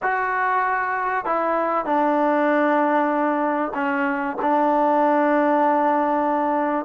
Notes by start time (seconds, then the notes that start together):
0.02 F#4
1.25 E4
1.85 D4
3.74 C#4
4.41 D4